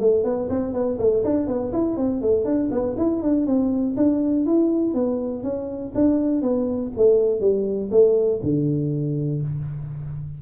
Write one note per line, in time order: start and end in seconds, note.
0.00 0.24 A3
0.24 0.49 B3
0.49 0.73 C4
0.73 0.98 B3
0.98 1.23 A3
1.24 1.47 D4
1.47 1.72 B3
1.72 1.97 E4
1.97 2.22 C4
2.22 2.45 A3
2.45 2.70 D4
2.71 2.96 B3
2.98 3.22 E4
3.22 3.46 D4
3.46 3.96 C4
3.97 4.46 D4
4.46 4.94 E4
4.94 5.43 B3
5.43 5.93 C#4
5.95 6.42 D4
6.42 6.92 B3
6.97 7.40 A3
7.40 7.90 G3
7.91 8.41 A3
8.43 9.42 D3